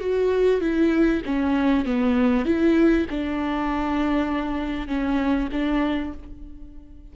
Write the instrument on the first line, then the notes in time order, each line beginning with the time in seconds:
viola
0.00 F#4
0.61 E4
1.26 C#4
1.85 B3
2.45 E4
3.10 D4
4.88 C#4
5.52 D4